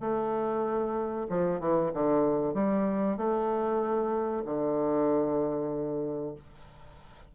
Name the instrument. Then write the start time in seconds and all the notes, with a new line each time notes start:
bassoon
0.00 A3
1.29 F3
1.60 E3
1.93 D3
2.54 G3
3.17 A3
4.45 D3